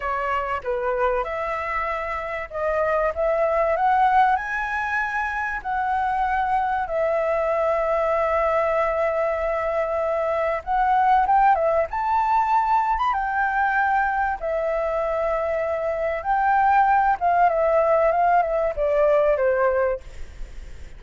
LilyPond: \new Staff \with { instrumentName = "flute" } { \time 4/4 \tempo 4 = 96 cis''4 b'4 e''2 | dis''4 e''4 fis''4 gis''4~ | gis''4 fis''2 e''4~ | e''1~ |
e''4 fis''4 g''8 e''8 a''4~ | a''8. b''16 g''2 e''4~ | e''2 g''4. f''8 | e''4 f''8 e''8 d''4 c''4 | }